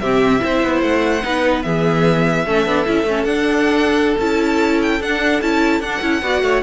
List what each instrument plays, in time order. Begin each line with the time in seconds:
0.00 cello C3, viola C4, violin G4 E5
0.39 cello C4, viola E4, violin C5
0.63 cello B3
0.83 cello A3, violin F#5
1.23 cello B3, viola D#4, violin B4
1.62 cello E3, viola B3, violin G#4 E5
2.46 cello A3, viola C#4, violin A4
2.66 cello B3, viola D4
2.86 cello C#4, viola E4
3.04 cello A3, viola C#4
3.24 cello D4, viola D4, violin F#5
4.19 cello C#4, viola E4, violin A5
4.82 violin G5
5.00 cello D4, viola D4, violin F#5
5.42 cello C#4, viola E4, violin A5
5.81 cello D4, viola D4, violin F#5
6.02 cello C#4, viola E4
6.22 cello B3, viola F#4, violin D5
6.42 cello A3, violin C#5